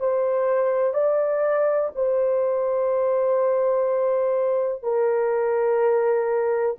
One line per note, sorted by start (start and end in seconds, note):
0.00 0.94 C5
0.94 1.90 D5
1.95 4.83 C5
4.83 6.77 A#4